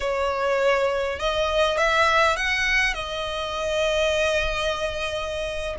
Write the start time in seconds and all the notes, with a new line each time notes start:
0.00 C#5
1.19 D#5
1.77 E5
2.36 F#5
2.94 D#5